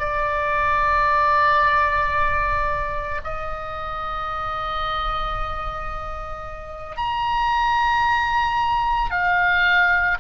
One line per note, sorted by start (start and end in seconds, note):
0.00 3.21 D5
3.24 6.97 D#5
6.97 9.11 A#5
9.11 10.18 F5